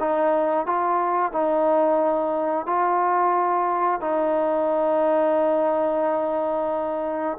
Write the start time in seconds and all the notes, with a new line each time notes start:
0.00 D#4
0.66 F4
1.32 D#4
2.66 F4
4.01 D#4